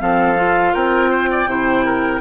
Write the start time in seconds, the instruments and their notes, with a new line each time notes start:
0.00 bassoon F3, clarinet C4, oboe A4, flute F5
0.37 clarinet F4
0.74 bassoon C4, oboe A#4, flute G5
1.10 oboe C5
1.31 oboe D5
1.46 bassoon C3, clarinet E4, oboe C5
1.85 oboe A#4